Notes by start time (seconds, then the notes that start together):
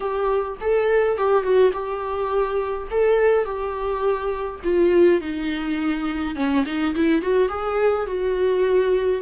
0.00 G4
0.60 A4
1.17 G4
1.42 F#4
1.72 G4
2.91 A4
3.44 G4
4.64 F4
5.20 D#4
6.35 C#4
6.65 D#4
6.95 E4
7.22 F#4
7.48 G#4
8.06 F#4